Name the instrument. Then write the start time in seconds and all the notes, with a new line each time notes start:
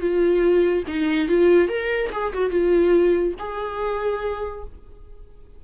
viola
0.00 F4
0.87 D#4
1.28 F4
1.69 A#4
2.12 G#4
2.33 F#4
2.50 F4
3.39 G#4